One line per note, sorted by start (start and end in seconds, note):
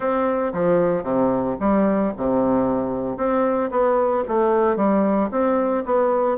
0.00 0.52 C4
0.53 1.03 F3
1.03 1.56 C3
1.59 2.12 G3
2.17 3.17 C3
3.17 3.70 C4
3.70 4.23 B3
4.27 4.76 A3
4.76 5.29 G3
5.31 5.84 C4
5.86 6.37 B3